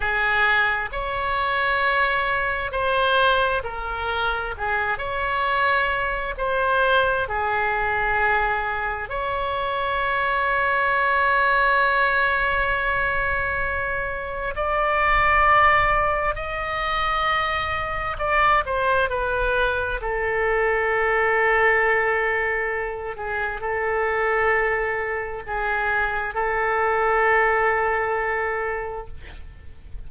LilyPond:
\new Staff \with { instrumentName = "oboe" } { \time 4/4 \tempo 4 = 66 gis'4 cis''2 c''4 | ais'4 gis'8 cis''4. c''4 | gis'2 cis''2~ | cis''1 |
d''2 dis''2 | d''8 c''8 b'4 a'2~ | a'4. gis'8 a'2 | gis'4 a'2. | }